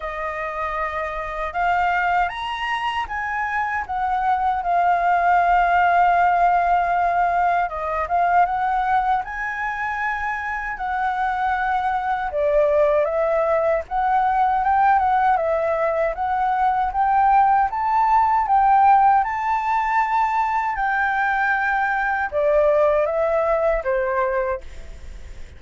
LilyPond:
\new Staff \with { instrumentName = "flute" } { \time 4/4 \tempo 4 = 78 dis''2 f''4 ais''4 | gis''4 fis''4 f''2~ | f''2 dis''8 f''8 fis''4 | gis''2 fis''2 |
d''4 e''4 fis''4 g''8 fis''8 | e''4 fis''4 g''4 a''4 | g''4 a''2 g''4~ | g''4 d''4 e''4 c''4 | }